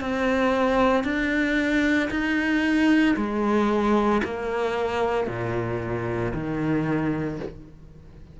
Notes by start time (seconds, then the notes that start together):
0.00 C4
1.04 D4
2.11 D#4
3.16 G#3
4.24 A#3
5.27 A#2
6.34 D#3